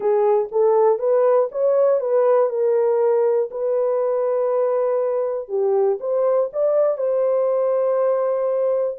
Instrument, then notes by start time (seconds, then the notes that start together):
horn
0.00 G#4
0.51 A4
0.98 B4
1.51 C#5
2.00 B4
2.49 A#4
3.50 B4
5.48 G4
6.00 C5
6.52 D5
6.97 C5